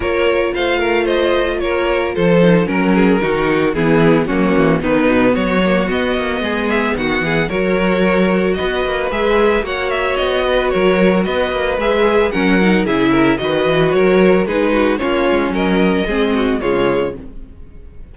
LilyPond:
<<
  \new Staff \with { instrumentName = "violin" } { \time 4/4 \tempo 4 = 112 cis''4 f''4 dis''4 cis''4 | c''4 ais'2 gis'4 | fis'4 b'4 cis''4 dis''4~ | dis''8 e''8 fis''4 cis''2 |
dis''4 e''4 fis''8 e''8 dis''4 | cis''4 dis''4 e''4 fis''4 | e''4 dis''4 cis''4 b'4 | cis''4 dis''2 cis''4 | }
  \new Staff \with { instrumentName = "violin" } { \time 4/4 ais'4 c''8 ais'8 c''4 ais'4 | a'4 ais'8 gis'8 fis'4 e'4 | cis'4 dis'4 fis'2 | gis'4 fis'8 gis'8 ais'2 |
b'2 cis''4. b'8 | ais'4 b'2 ais'4 | gis'8 ais'8 b'4 ais'4 gis'8 fis'8 | f'4 ais'4 gis'8 fis'8 f'4 | }
  \new Staff \with { instrumentName = "viola" } { \time 4/4 f'1~ | f'8 dis'8 cis'4 dis'4 b4 | ais4 b4. ais8 b4~ | b2 fis'2~ |
fis'4 gis'4 fis'2~ | fis'2 gis'4 cis'8 dis'8 | e'4 fis'2 dis'4 | cis'2 c'4 gis4 | }
  \new Staff \with { instrumentName = "cello" } { \time 4/4 ais4 a2 ais4 | f4 fis4 dis4 e4 | fis8 e8 dis8 b,8 fis4 b8 ais8 | gis4 dis8 e8 fis2 |
b8 ais8 gis4 ais4 b4 | fis4 b8 ais8 gis4 fis4 | cis4 dis8 e8 fis4 gis4 | ais8 gis8 fis4 gis4 cis4 | }
>>